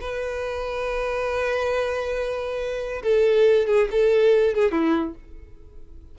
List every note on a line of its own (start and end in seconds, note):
0.00 3.02 B4
3.03 3.66 A4
3.66 3.88 G#4
3.91 4.55 A4
4.55 4.71 G#4
4.71 5.14 E4